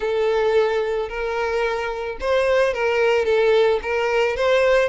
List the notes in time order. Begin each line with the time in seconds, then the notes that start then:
0.00 A4
1.09 A#4
2.20 C5
2.73 A#4
3.25 A4
3.82 A#4
4.36 C5